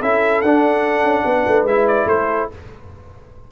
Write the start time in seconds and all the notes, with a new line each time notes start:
0.00 C#4 E4 A4 E5
0.41 D4 F#5
1.03 C#4
1.25 B3 B4
1.47 A3
1.63 G#3 E4 E5
1.87 D5
2.05 A3 A4 C5